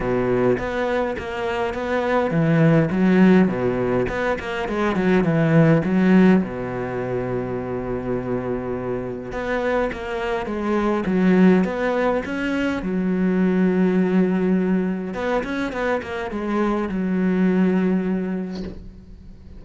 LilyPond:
\new Staff \with { instrumentName = "cello" } { \time 4/4 \tempo 4 = 103 b,4 b4 ais4 b4 | e4 fis4 b,4 b8 ais8 | gis8 fis8 e4 fis4 b,4~ | b,1 |
b4 ais4 gis4 fis4 | b4 cis'4 fis2~ | fis2 b8 cis'8 b8 ais8 | gis4 fis2. | }